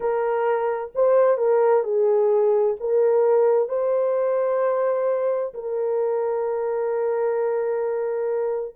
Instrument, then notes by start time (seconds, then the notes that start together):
horn
0.00 A#4
0.94 C5
1.37 A#4
1.83 G#4
2.79 A#4
3.68 C5
5.53 A#4